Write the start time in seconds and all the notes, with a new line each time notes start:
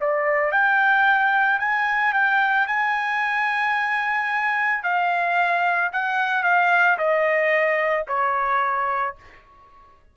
0.00 D5
0.51 G5
1.59 G#5
2.13 G5
2.67 G#5
4.83 F5
5.92 F#5
6.43 F5
6.98 D#5
8.07 C#5